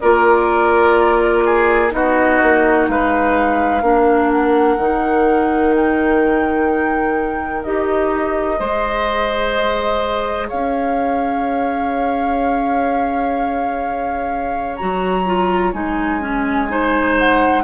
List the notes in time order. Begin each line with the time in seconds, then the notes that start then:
0.00 A#3 F4 A#4 D5
1.45 G#4
1.90 B3 D#4 F#4 D#5
2.42 A#3
2.88 G#3 B4 F5
3.82 A#3 D4 A#4
4.32 F#5
4.77 D#3 D#4
5.76 G5
7.63 D#4 G4 D#5
8.59 G#3 G#4 C5
10.48 C#4 C#5 F5
14.76 F#3 F#4 A#5
15.26 F4
15.73 G#3 D#4 G#5
16.21 C#4
16.69 D#4 C5
17.18 F#5